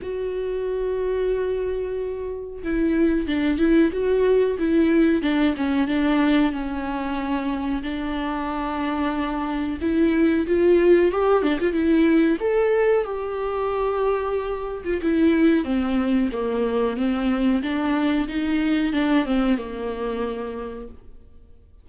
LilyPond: \new Staff \with { instrumentName = "viola" } { \time 4/4 \tempo 4 = 92 fis'1 | e'4 d'8 e'8 fis'4 e'4 | d'8 cis'8 d'4 cis'2 | d'2. e'4 |
f'4 g'8 d'16 f'16 e'4 a'4 | g'2~ g'8. f'16 e'4 | c'4 ais4 c'4 d'4 | dis'4 d'8 c'8 ais2 | }